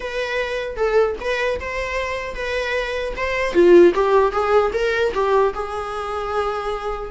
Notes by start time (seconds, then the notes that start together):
0.00 B4
0.76 A4
1.20 B4
1.60 C5
2.34 B4
3.16 C5
3.53 F4
3.94 G4
4.32 G#4
4.73 A#4
5.14 G4
5.54 G#4